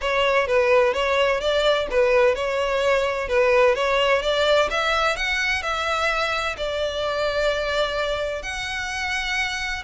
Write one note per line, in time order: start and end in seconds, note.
0.01 0.47 C#5
0.47 0.93 B4
0.93 1.40 C#5
1.40 1.87 D5
1.90 2.35 B4
2.35 3.28 C#5
3.28 3.75 B4
3.75 4.22 C#5
4.22 4.69 D5
4.70 5.16 E5
5.16 5.62 F#5
5.62 6.56 E5
6.57 8.42 D5
8.42 9.83 F#5